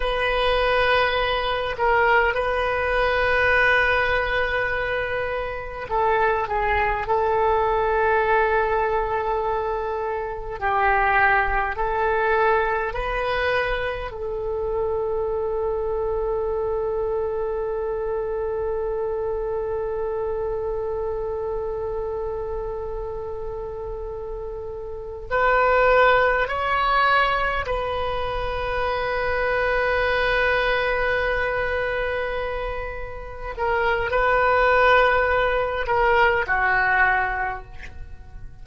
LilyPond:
\new Staff \with { instrumentName = "oboe" } { \time 4/4 \tempo 4 = 51 b'4. ais'8 b'2~ | b'4 a'8 gis'8 a'2~ | a'4 g'4 a'4 b'4 | a'1~ |
a'1~ | a'4. b'4 cis''4 b'8~ | b'1~ | b'8 ais'8 b'4. ais'8 fis'4 | }